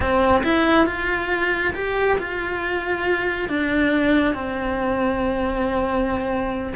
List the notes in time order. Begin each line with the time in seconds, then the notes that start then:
0.00 C4
0.43 E4
0.86 F4
1.74 G4
2.18 F4
3.48 D4
4.34 C4